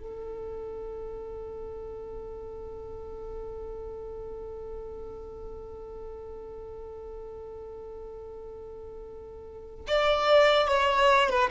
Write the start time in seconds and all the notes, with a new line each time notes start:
0.00 A4
9.88 D5
10.68 C#5
11.30 B4